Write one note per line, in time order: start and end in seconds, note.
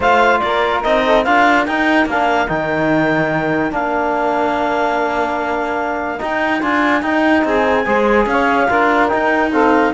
0.00 0.40 A3
0.00 0.84 F4
0.00 0.40 C5
0.00 0.39 F5
0.39 0.84 A#3
0.39 1.04 A#4
0.39 0.81 D5
0.82 1.26 C4
0.82 1.25 D#4
0.82 1.23 D#5
1.04 1.24 A4
1.23 1.67 D4
1.23 1.67 F4
1.23 7.45 A#4
1.23 1.65 F5
1.65 2.05 D#4
1.65 2.09 D#4
1.65 2.06 G5
2.05 2.47 A#3
2.05 2.47 D4
2.05 2.48 F5
2.47 3.71 D#3
2.47 3.71 D#4
2.47 3.72 G5
3.71 6.19 A#3
3.71 6.18 D4
3.71 6.21 F5
6.18 6.59 D#4
6.18 6.62 D#4
6.18 6.62 G5
6.60 7.02 D4
6.60 7.01 F4
6.60 7.02 G#5
7.01 7.84 D#4
7.01 7.43 D#4
7.01 7.44 G5
7.44 7.85 C4
7.44 7.85 G#4
7.44 8.27 G#5
7.85 8.26 G#3
7.85 8.68 G#4
7.85 8.26 C5
8.26 8.67 C#4
8.26 8.69 C#5
8.26 9.07 F5
8.69 9.11 D4
8.69 9.09 F4
8.69 9.51 A#4
9.07 9.50 D#4
9.07 9.93 D#4
9.07 9.49 G5
9.52 9.93 C4
9.52 9.93 A4
9.52 9.93 F5